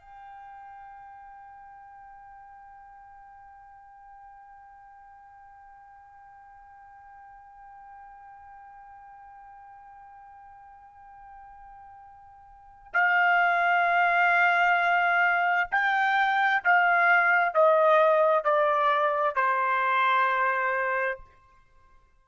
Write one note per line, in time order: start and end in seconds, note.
0.00 12.92 G5
12.94 15.70 F5
15.72 16.64 G5
16.64 17.54 F5
17.54 18.44 D#5
18.44 19.36 D5
19.36 21.21 C5